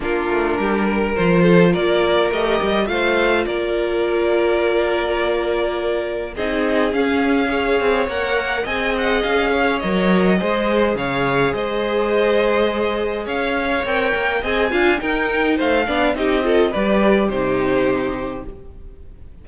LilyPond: <<
  \new Staff \with { instrumentName = "violin" } { \time 4/4 \tempo 4 = 104 ais'2 c''4 d''4 | dis''4 f''4 d''2~ | d''2. dis''4 | f''2 fis''4 gis''8 fis''8 |
f''4 dis''2 f''4 | dis''2. f''4 | g''4 gis''4 g''4 f''4 | dis''4 d''4 c''2 | }
  \new Staff \with { instrumentName = "violin" } { \time 4/4 f'4 g'8 ais'4 a'8 ais'4~ | ais'4 c''4 ais'2~ | ais'2. gis'4~ | gis'4 cis''2 dis''4~ |
dis''8 cis''4. c''4 cis''4 | c''2. cis''4~ | cis''4 dis''8 f''8 ais'4 c''8 d''8 | g'8 a'8 b'4 g'2 | }
  \new Staff \with { instrumentName = "viola" } { \time 4/4 d'2 f'2 | g'4 f'2.~ | f'2. dis'4 | cis'4 gis'4 ais'4 gis'4~ |
gis'4 ais'4 gis'2~ | gis'1 | ais'4 gis'8 f'8 dis'4. d'8 | dis'8 f'8 g'4 dis'2 | }
  \new Staff \with { instrumentName = "cello" } { \time 4/4 ais8 a8 g4 f4 ais4 | a8 g8 a4 ais2~ | ais2. c'4 | cis'4. c'8 ais4 c'4 |
cis'4 fis4 gis4 cis4 | gis2. cis'4 | c'8 ais8 c'8 d'8 dis'4 a8 b8 | c'4 g4 c2 | }
>>